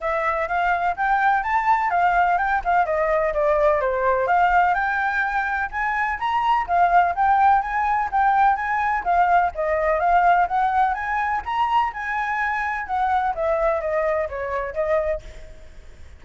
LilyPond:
\new Staff \with { instrumentName = "flute" } { \time 4/4 \tempo 4 = 126 e''4 f''4 g''4 a''4 | f''4 g''8 f''8 dis''4 d''4 | c''4 f''4 g''2 | gis''4 ais''4 f''4 g''4 |
gis''4 g''4 gis''4 f''4 | dis''4 f''4 fis''4 gis''4 | ais''4 gis''2 fis''4 | e''4 dis''4 cis''4 dis''4 | }